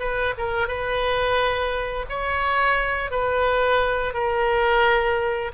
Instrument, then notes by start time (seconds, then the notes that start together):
oboe
0.00 B4
0.38 A#4
0.68 B4
2.09 C#5
3.11 B4
4.14 A#4